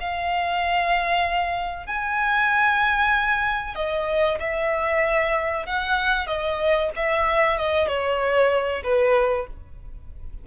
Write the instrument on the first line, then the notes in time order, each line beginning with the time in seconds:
violin
0.00 F5
1.86 G#5
3.75 D#5
4.40 E5
5.66 F#5
6.27 D#5
6.96 E5
7.58 D#5
7.87 C#5
8.84 B4